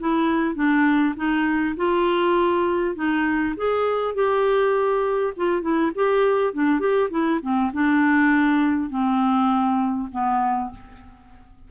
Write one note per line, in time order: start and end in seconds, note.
0.00 0.55 E4
0.55 1.14 D4
1.16 1.76 D#4
1.77 2.95 F4
2.95 3.55 D#4
3.57 4.15 G#4
4.15 5.34 G4
5.37 5.62 F4
5.62 5.92 E4
5.95 6.54 G4
6.54 6.80 D4
6.80 7.10 G4
7.10 7.40 E4
7.42 7.71 C4
7.73 8.90 D4
8.90 10.09 C4
10.12 10.71 B3